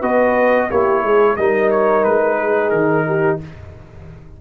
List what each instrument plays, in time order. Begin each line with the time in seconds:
0.00 tuba B3, trombone F#4, horn B4, trumpet D#5
0.70 tuba A#3, trombone E4, horn G4, trumpet C#5
1.03 tuba G#3, horn G#4
1.36 tuba G3, trombone D#4, horn A#4, trumpet D#5
1.71 trumpet C#5
2.04 tuba G#3, trumpet B4
2.38 horn G#4
2.70 tuba D#3, trumpet A#4
3.07 horn G4